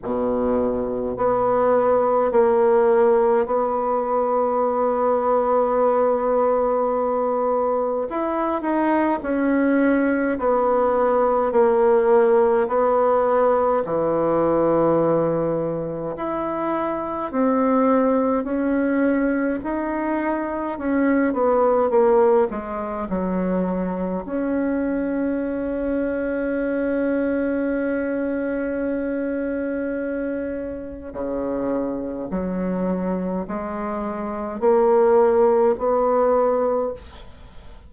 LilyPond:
\new Staff \with { instrumentName = "bassoon" } { \time 4/4 \tempo 4 = 52 b,4 b4 ais4 b4~ | b2. e'8 dis'8 | cis'4 b4 ais4 b4 | e2 e'4 c'4 |
cis'4 dis'4 cis'8 b8 ais8 gis8 | fis4 cis'2.~ | cis'2. cis4 | fis4 gis4 ais4 b4 | }